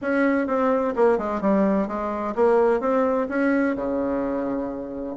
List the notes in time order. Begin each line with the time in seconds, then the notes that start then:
0.01 C#4
0.47 C4
0.96 A#3
1.18 G#3
1.41 G3
1.87 G#3
2.35 A#3
2.80 C4
3.29 C#4
3.75 C#3